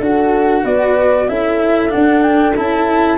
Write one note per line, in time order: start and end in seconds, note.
0.00 0.64 D4
0.00 1.29 F#4
0.00 0.64 A4
0.00 0.65 F#5
0.64 1.29 B3
0.64 1.28 B4
0.64 1.29 D5
1.29 1.93 C#4
1.29 1.89 E4
1.29 3.18 A4
1.29 1.92 E5
1.89 2.53 D4
1.89 2.58 D4
1.89 2.23 F#5
2.23 2.55 G5
2.57 3.18 C#4
2.57 3.18 E4
2.57 3.18 A5